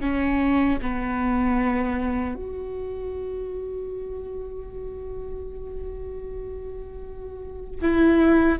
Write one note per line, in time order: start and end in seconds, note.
0.00 0.78 C#4
0.81 2.35 B3
2.35 7.81 F#4
7.81 8.59 E4